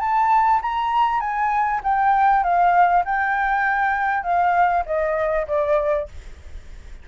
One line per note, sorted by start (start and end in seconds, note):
0.00 0.61 A5
0.62 1.20 A#5
1.20 1.81 G#5
1.83 2.43 G5
2.43 3.04 F5
3.05 4.23 G5
4.23 4.84 F5
4.86 5.47 D#5
5.48 6.08 D5